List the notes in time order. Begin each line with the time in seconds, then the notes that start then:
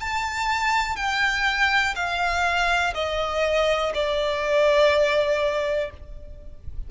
0.00 A5
0.96 G5
1.95 F5
2.94 D#5
3.94 D5